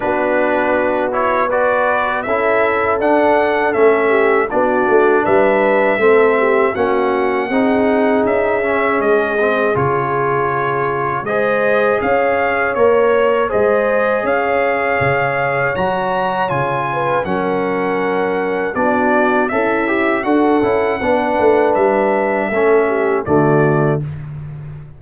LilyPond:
<<
  \new Staff \with { instrumentName = "trumpet" } { \time 4/4 \tempo 4 = 80 b'4. cis''8 d''4 e''4 | fis''4 e''4 d''4 e''4~ | e''4 fis''2 e''4 | dis''4 cis''2 dis''4 |
f''4 cis''4 dis''4 f''4~ | f''4 ais''4 gis''4 fis''4~ | fis''4 d''4 e''4 fis''4~ | fis''4 e''2 d''4 | }
  \new Staff \with { instrumentName = "horn" } { \time 4/4 fis'2 b'4 a'4~ | a'4. g'8 fis'4 b'4 | a'8 g'8 fis'4 gis'2~ | gis'2. c''4 |
cis''2 c''4 cis''4~ | cis''2~ cis''8 b'8 ais'4~ | ais'4 fis'4 e'4 a'4 | b'2 a'8 g'8 fis'4 | }
  \new Staff \with { instrumentName = "trombone" } { \time 4/4 d'4. e'8 fis'4 e'4 | d'4 cis'4 d'2 | c'4 cis'4 dis'4. cis'8~ | cis'8 c'8 f'2 gis'4~ |
gis'4 ais'4 gis'2~ | gis'4 fis'4 f'4 cis'4~ | cis'4 d'4 a'8 g'8 fis'8 e'8 | d'2 cis'4 a4 | }
  \new Staff \with { instrumentName = "tuba" } { \time 4/4 b2. cis'4 | d'4 a4 b8 a8 g4 | a4 ais4 c'4 cis'4 | gis4 cis2 gis4 |
cis'4 ais4 gis4 cis'4 | cis4 fis4 cis4 fis4~ | fis4 b4 cis'4 d'8 cis'8 | b8 a8 g4 a4 d4 | }
>>